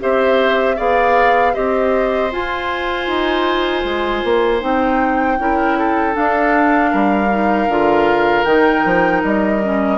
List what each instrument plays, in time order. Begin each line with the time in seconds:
0.00 bassoon C4, clarinet G4, oboe C5, flute E5
0.76 bassoon B3, clarinet G#4, oboe D5, flute F5
1.54 bassoon C4, clarinet G4, oboe C5, flute D#5
2.32 clarinet F4, bassoon F4, flute G#5
3.07 bassoon D#4
3.85 bassoon G#3
4.24 bassoon A#3
4.60 bassoon C4, clarinet D#4, flute G5
5.39 bassoon C#4, clarinet E4, oboe A#4
5.79 oboe A4
6.13 clarinet D4, bassoon D4, flute F5
6.91 bassoon G3, oboe A#4
7.30 clarinet D#4
7.68 bassoon D3, clarinet F4
8.45 bassoon D#3, clarinet D#4, flute G5
8.85 bassoon F3
9.24 bassoon G3, flute D#5
9.63 clarinet C#4